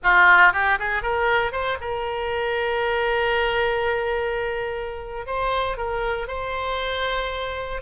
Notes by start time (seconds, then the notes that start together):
0.03 F4
0.52 G4
0.79 G#4
1.02 A#4
1.52 C5
1.80 A#4
5.26 C5
5.77 A#4
6.27 C5